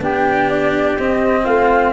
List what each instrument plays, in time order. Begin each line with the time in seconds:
0.00 tuba B3, cello D4, trumpet G4, flute G5
0.50 flute D5
0.99 cello C4, tuba C4, flute D#5
1.44 tuba A3, trumpet F4, flute F5